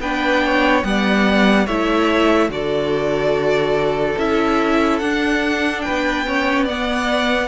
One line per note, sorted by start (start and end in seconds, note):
0.00 0.83 B3
0.00 0.83 D4
0.00 0.44 B4
0.00 0.84 G5
0.45 0.87 C#5
0.83 1.67 G3
0.83 1.66 B3
0.83 1.65 D5
0.83 1.67 F#5
1.65 2.49 A3
1.65 2.50 E4
1.65 2.49 C#5
1.65 2.50 E5
2.49 4.16 D3
2.49 4.17 F#4
2.49 5.85 A4
2.49 4.18 D5
4.18 5.01 C#4
4.18 5.02 E4
4.18 4.99 E5
4.99 5.85 D4
4.99 6.26 D4
4.99 5.82 F#5
5.82 6.26 B4
5.82 6.65 G5
5.89 7.48 B3
6.26 6.68 C#4
6.26 6.65 C#5
6.65 7.48 B3
6.65 7.48 D5
6.65 7.48 F#5